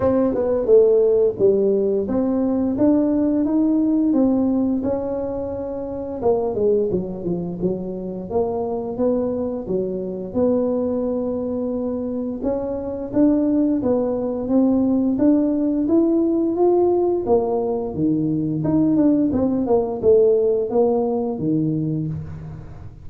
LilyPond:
\new Staff \with { instrumentName = "tuba" } { \time 4/4 \tempo 4 = 87 c'8 b8 a4 g4 c'4 | d'4 dis'4 c'4 cis'4~ | cis'4 ais8 gis8 fis8 f8 fis4 | ais4 b4 fis4 b4~ |
b2 cis'4 d'4 | b4 c'4 d'4 e'4 | f'4 ais4 dis4 dis'8 d'8 | c'8 ais8 a4 ais4 dis4 | }